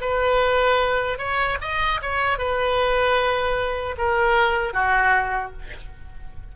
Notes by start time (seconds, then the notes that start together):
0.00 B4
1.18 C#5
1.61 D#5
2.02 C#5
2.38 B4
3.98 A#4
4.73 F#4